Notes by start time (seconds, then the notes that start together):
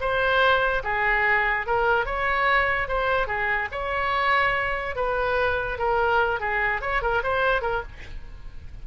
0.00 C5
0.84 G#4
1.66 A#4
2.05 C#5
2.88 C5
3.27 G#4
3.72 C#5
4.96 B4
5.78 A#4
6.40 G#4
6.81 C#5
7.02 A#4
7.23 C5
7.62 A#4